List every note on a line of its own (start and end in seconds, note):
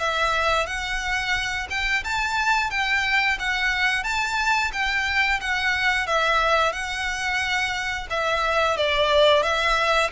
0.00 0.67 E5
0.67 1.68 F#5
1.70 2.04 G5
2.04 2.71 A5
2.71 3.38 G5
3.40 4.04 F#5
4.04 4.72 A5
4.73 5.41 G5
5.41 6.07 F#5
6.07 6.73 E5
6.73 8.08 F#5
8.10 8.77 E5
8.77 9.43 D5
9.43 10.11 E5